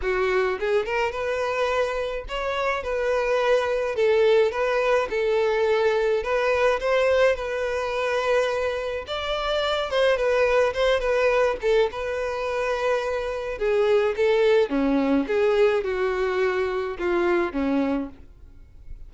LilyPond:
\new Staff \with { instrumentName = "violin" } { \time 4/4 \tempo 4 = 106 fis'4 gis'8 ais'8 b'2 | cis''4 b'2 a'4 | b'4 a'2 b'4 | c''4 b'2. |
d''4. c''8 b'4 c''8 b'8~ | b'8 a'8 b'2. | gis'4 a'4 cis'4 gis'4 | fis'2 f'4 cis'4 | }